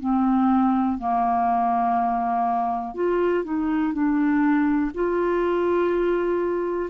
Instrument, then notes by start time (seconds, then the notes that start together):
clarinet
0.00 C4
0.98 A#3
2.95 F4
3.44 D#4
3.93 D4
4.94 F4